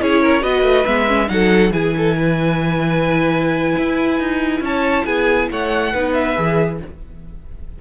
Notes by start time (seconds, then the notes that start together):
0.00 C#4 E4 G#4 C#5
0.22 A#4
0.42 B3 F#4 B4 D#5
0.63 A3
0.86 G#3 B3 E5
1.08 C#4
1.28 F#3 D#4 A4 F#5
1.71 E3 E4 G#4 G#5
1.97 A4
2.17 B4
3.78 E4
4.20 D#4
4.61 C#4 C#5 A5
5.05 B3 G#4 G#5
5.51 A3 C#5 F#5
5.93 B3 D#4 B4
6.14 E5
6.36 E3 G#4